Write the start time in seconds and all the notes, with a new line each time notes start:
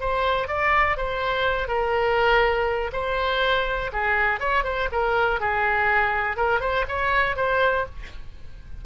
0.00 C5
0.48 D5
0.97 C5
1.68 A#4
2.93 C5
3.93 G#4
4.40 C#5
4.64 C5
4.92 A#4
5.40 G#4
6.36 A#4
6.60 C5
6.88 C#5
7.36 C5